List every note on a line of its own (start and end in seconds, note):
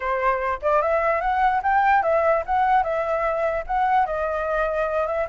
0.00 0.59 C5
0.62 0.82 D5
0.82 1.21 E5
1.21 1.61 F#5
1.62 2.03 G5
2.03 2.43 E5
2.46 2.83 F#5
2.83 3.64 E5
3.66 4.05 F#5
4.05 5.06 D#5
5.06 5.27 E5